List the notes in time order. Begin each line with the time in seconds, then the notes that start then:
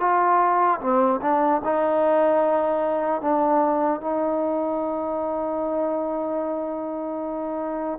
0.00 F4
0.80 C4
1.22 D4
1.65 D#4
3.21 D4
4.01 D#4